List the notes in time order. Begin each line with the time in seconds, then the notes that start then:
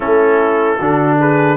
0.00 A3 C#4 E4 A4
0.77 D3 D4 F#4
1.19 G#4 B4